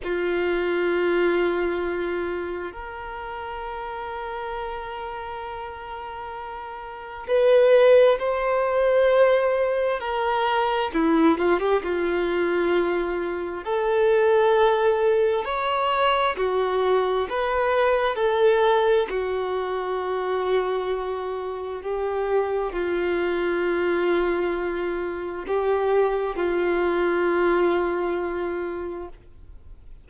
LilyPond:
\new Staff \with { instrumentName = "violin" } { \time 4/4 \tempo 4 = 66 f'2. ais'4~ | ais'1 | b'4 c''2 ais'4 | e'8 f'16 g'16 f'2 a'4~ |
a'4 cis''4 fis'4 b'4 | a'4 fis'2. | g'4 f'2. | g'4 f'2. | }